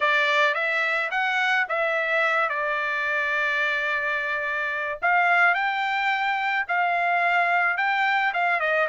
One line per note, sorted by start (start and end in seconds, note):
0.00 0.54 D5
0.54 1.10 E5
1.11 1.66 F#5
1.68 2.49 E5
2.49 4.99 D5
5.02 5.54 F5
5.54 6.65 G5
6.67 7.77 F5
7.77 8.33 G5
8.33 8.60 F5
8.60 8.87 D#5